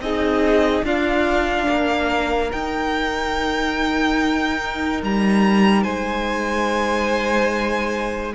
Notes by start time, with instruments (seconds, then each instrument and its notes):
0.00 cello C4, viola D#4, violin G#4 D#5
0.84 cello D4, viola D4, violin F4 F5
1.69 cello A#3, violin A#4
2.50 viola D#4, cello D#4, violin G5
5.03 cello G3, violin A#5
5.84 cello G#3, violin C5 G#5